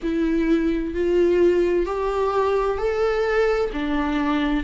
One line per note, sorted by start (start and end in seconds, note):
0.03 0.94 E4
0.94 1.86 F4
1.86 2.78 G4
2.78 3.70 A4
3.73 4.63 D4